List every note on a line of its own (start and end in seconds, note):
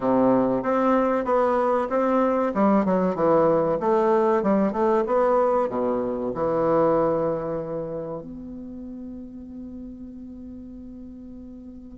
0.00 0.63 C3
0.63 1.25 C4
1.25 1.88 B3
1.89 2.53 C4
2.54 2.84 G3
2.84 3.15 F#3
3.15 3.78 E3
3.80 4.42 A3
4.42 4.72 G3
4.72 5.04 A3
5.06 5.69 B3
5.69 6.32 B2
6.34 8.21 E3
8.21 11.98 B3